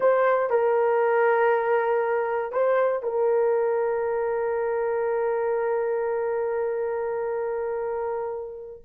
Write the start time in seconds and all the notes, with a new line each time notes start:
0.00 C5
0.50 A#4
2.52 C5
3.03 A#4